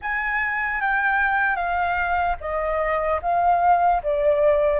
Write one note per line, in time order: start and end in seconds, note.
0.01 0.80 G#5
0.80 1.56 G5
1.56 2.36 F5
2.40 3.20 D#5
3.21 4.01 F5
4.02 4.80 D5